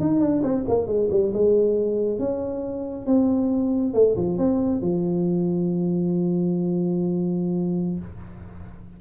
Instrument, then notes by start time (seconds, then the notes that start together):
tuba
0.00 D#4
0.20 D4
0.43 C4
0.68 A#3
0.87 G#3
1.10 G3
1.33 G#3
2.19 C#4
3.06 C4
3.94 A3
4.16 F3
4.38 C4
4.81 F3